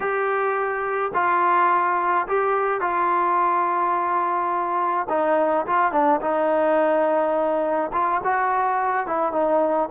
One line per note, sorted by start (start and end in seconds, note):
0.00 1.11 G4
1.13 2.27 F4
2.27 2.80 G4
2.80 5.07 F4
5.09 5.66 D#4
5.66 5.92 F4
5.92 6.20 D4
6.21 7.91 D#4
7.92 8.21 F4
8.24 9.06 F#4
9.06 9.32 E4
9.32 9.89 D#4